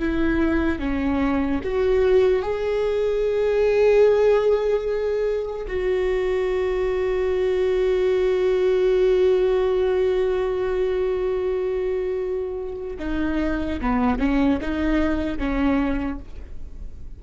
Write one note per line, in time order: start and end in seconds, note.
0.00 0.80 E4
0.80 1.61 C#4
1.64 2.43 F#4
2.43 5.67 G#4
5.68 12.97 F#4
13.00 13.81 D#4
13.81 14.19 B3
14.19 14.60 C#4
14.61 15.39 D#4
15.39 16.20 C#4